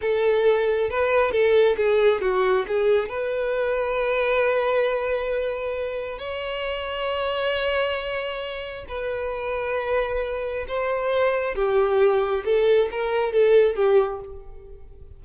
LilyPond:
\new Staff \with { instrumentName = "violin" } { \time 4/4 \tempo 4 = 135 a'2 b'4 a'4 | gis'4 fis'4 gis'4 b'4~ | b'1~ | b'2 cis''2~ |
cis''1 | b'1 | c''2 g'2 | a'4 ais'4 a'4 g'4 | }